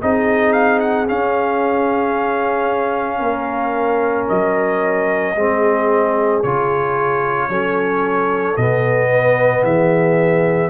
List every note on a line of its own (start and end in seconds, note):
0.00 1.09 C4
0.00 1.07 D#4
0.00 3.18 G#4
0.00 0.52 D#5
0.52 0.79 F5
0.79 1.06 F#5
1.07 5.35 C#4
1.07 3.20 C#4
1.07 4.28 F5
3.18 4.27 A#3
3.18 5.33 A#4
4.28 5.35 F#3
4.28 6.42 D#5
5.35 6.42 G#3
5.35 6.43 C4
5.35 7.49 G#4
6.42 7.49 C#3
6.42 7.50 F4
6.42 8.56 C#5
7.49 8.56 F#3
7.49 8.57 C#4
7.49 9.10 A4
8.56 9.63 B2
8.56 10.70 B3
8.56 9.63 D#5
9.10 9.64 B4
9.63 10.70 E3
9.63 10.70 G#4
9.63 10.70 E5